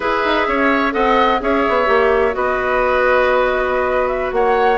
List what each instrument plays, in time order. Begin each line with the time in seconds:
0.00 bassoon E4, clarinet G#4, oboe B4, flute E5
0.24 bassoon D#4
0.47 bassoon C#4, oboe C#5
0.91 bassoon C4, clarinet A4, oboe D#5, flute F#5
1.39 bassoon C#4, clarinet G#4, oboe C#5, flute E5
1.68 bassoon B3
1.85 bassoon A#3, clarinet G4
2.31 bassoon B3, clarinet F#4, oboe B4, flute D#5
4.07 flute E5
4.32 bassoon A#3, oboe C#5, flute F#5